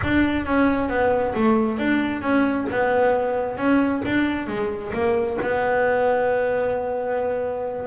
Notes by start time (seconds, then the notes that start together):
0.03 D4
0.45 C#4
0.89 B3
1.34 A3
1.78 D4
2.21 C#4
2.70 B3
3.57 C#4
4.05 D4
4.47 G#3
4.93 A#3
5.41 B3